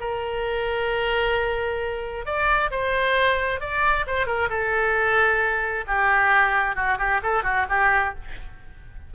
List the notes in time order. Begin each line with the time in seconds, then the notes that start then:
0.00 A#4
2.26 D5
2.71 C5
3.60 D5
4.07 C5
4.26 A#4
4.50 A4
5.87 G4
6.76 F#4
6.98 G4
7.23 A4
7.43 F#4
7.69 G4